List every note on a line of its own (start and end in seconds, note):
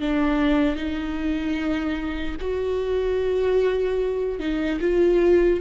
0.00 0.76 D4
0.76 2.36 D#4
2.41 4.39 F#4
4.39 4.79 D#4
4.80 5.60 F4